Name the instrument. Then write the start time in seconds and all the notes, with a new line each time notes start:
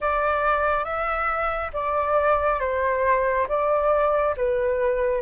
flute
0.00 D5
0.84 E5
1.73 D5
2.60 C5
3.48 D5
4.37 B4